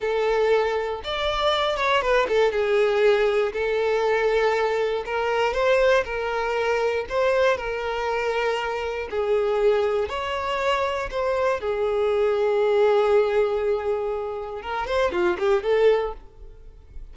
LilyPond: \new Staff \with { instrumentName = "violin" } { \time 4/4 \tempo 4 = 119 a'2 d''4. cis''8 | b'8 a'8 gis'2 a'4~ | a'2 ais'4 c''4 | ais'2 c''4 ais'4~ |
ais'2 gis'2 | cis''2 c''4 gis'4~ | gis'1~ | gis'4 ais'8 c''8 f'8 g'8 a'4 | }